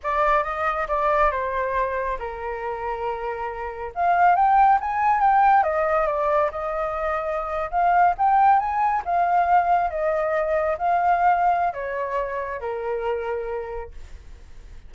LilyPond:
\new Staff \with { instrumentName = "flute" } { \time 4/4 \tempo 4 = 138 d''4 dis''4 d''4 c''4~ | c''4 ais'2.~ | ais'4 f''4 g''4 gis''4 | g''4 dis''4 d''4 dis''4~ |
dis''4.~ dis''16 f''4 g''4 gis''16~ | gis''8. f''2 dis''4~ dis''16~ | dis''8. f''2~ f''16 cis''4~ | cis''4 ais'2. | }